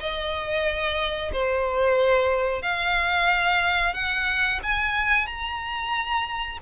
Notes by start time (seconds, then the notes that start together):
0.00 D#5
1.33 C5
2.62 F5
3.94 F#5
4.63 G#5
5.27 A#5